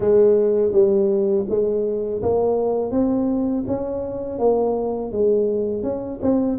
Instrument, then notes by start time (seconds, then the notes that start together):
tuba
0.00 G#3
0.72 G3
1.49 G#3
2.22 A#3
2.91 C4
3.67 C#4
4.39 A#3
5.12 G#3
5.82 C#4
6.22 C4